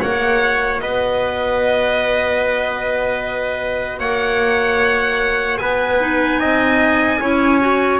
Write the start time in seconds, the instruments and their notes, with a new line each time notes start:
0.00 double bass A#3, clarinet F#4, trumpet C#5, violin F#5
0.81 double bass B3, trumpet B4, violin D#5
3.99 double bass A#3, trumpet C#5, violin F#5
5.58 double bass B3, trumpet B4, violin G#5
5.99 clarinet D#4
6.40 double bass C4, trumpet D#5
7.20 double bass C#4, clarinet E4, trumpet C#5
7.60 clarinet F#4